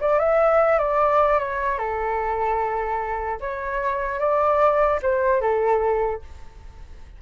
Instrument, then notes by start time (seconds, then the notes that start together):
flute
0.00 D5
0.18 E5
0.78 D5
1.39 C#5
1.78 A4
3.40 C#5
4.19 D5
5.02 C5
5.41 A4